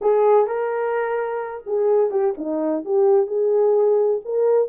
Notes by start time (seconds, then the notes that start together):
0.01 G#4
0.47 A#4
1.66 G#4
2.11 G4
2.37 D#4
2.84 G4
3.26 G#4
4.24 A#4